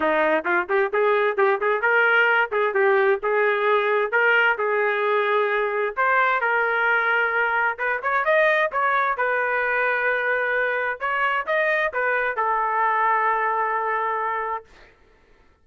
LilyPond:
\new Staff \with { instrumentName = "trumpet" } { \time 4/4 \tempo 4 = 131 dis'4 f'8 g'8 gis'4 g'8 gis'8 | ais'4. gis'8 g'4 gis'4~ | gis'4 ais'4 gis'2~ | gis'4 c''4 ais'2~ |
ais'4 b'8 cis''8 dis''4 cis''4 | b'1 | cis''4 dis''4 b'4 a'4~ | a'1 | }